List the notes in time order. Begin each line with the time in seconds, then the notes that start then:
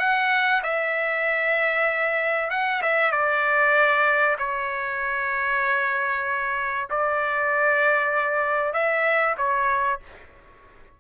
0.00 F#5
0.64 E5
2.51 F#5
2.82 E5
3.12 D5
4.39 C#5
6.90 D5
8.74 E5
9.38 C#5